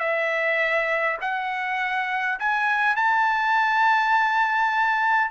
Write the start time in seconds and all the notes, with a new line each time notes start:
0.00 E5
1.21 F#5
2.40 G#5
2.97 A5